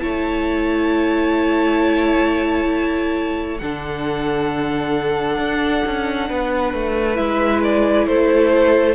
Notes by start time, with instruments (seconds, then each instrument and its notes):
0.00 cello A3, viola E4, violin C#5 A5
3.59 cello D3, viola D4, violin A4 F#5
5.38 cello D4
5.86 cello C#4
6.29 cello B3, violin B4
6.74 cello A3
7.15 cello G#3, viola E4, violin E5
7.63 violin D5
8.07 cello A3, violin A4 C5